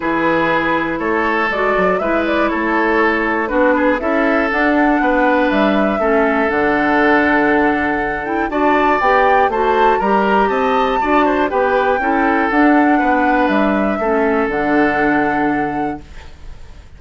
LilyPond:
<<
  \new Staff \with { instrumentName = "flute" } { \time 4/4 \tempo 4 = 120 b'2 cis''4 d''4 | e''8 d''8 cis''2 b'4 | e''4 fis''2 e''4~ | e''4 fis''2.~ |
fis''8 g''8 a''4 g''4 a''4 | ais''4 a''2 g''4~ | g''4 fis''2 e''4~ | e''4 fis''2. | }
  \new Staff \with { instrumentName = "oboe" } { \time 4/4 gis'2 a'2 | b'4 a'2 fis'8 gis'8 | a'2 b'2 | a'1~ |
a'4 d''2 c''4 | ais'4 dis''4 d''8 c''8 b'4 | a'2 b'2 | a'1 | }
  \new Staff \with { instrumentName = "clarinet" } { \time 4/4 e'2. fis'4 | e'2. d'4 | e'4 d'2. | cis'4 d'2.~ |
d'8 e'8 fis'4 g'4 fis'4 | g'2 fis'4 g'4 | e'4 d'2. | cis'4 d'2. | }
  \new Staff \with { instrumentName = "bassoon" } { \time 4/4 e2 a4 gis8 fis8 | gis4 a2 b4 | cis'4 d'4 b4 g4 | a4 d2.~ |
d4 d'4 b4 a4 | g4 c'4 d'4 b4 | cis'4 d'4 b4 g4 | a4 d2. | }
>>